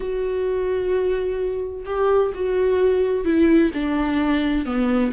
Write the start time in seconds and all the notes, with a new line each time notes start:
0.00 F#4
1.85 G4
2.34 F#4
3.24 E4
3.74 D4
4.65 B3